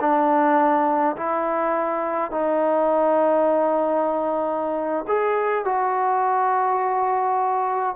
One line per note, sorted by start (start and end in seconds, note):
0.00 1.15 D4
1.16 2.31 E4
2.31 5.05 D#4
5.07 5.65 G#4
5.65 7.95 F#4